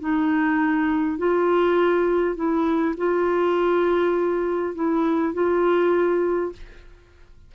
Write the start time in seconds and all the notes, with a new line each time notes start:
0.00 D#4
1.18 F4
2.35 E4
2.97 F4
4.75 E4
5.33 F4